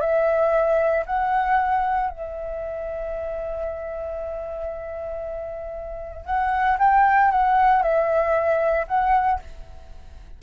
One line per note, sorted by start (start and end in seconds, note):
0.00 1.04 E5
1.06 2.10 F#5
2.10 6.25 E5
6.25 6.77 F#5
6.79 7.31 G5
7.31 7.82 F#5
7.82 8.86 E5
8.87 9.39 F#5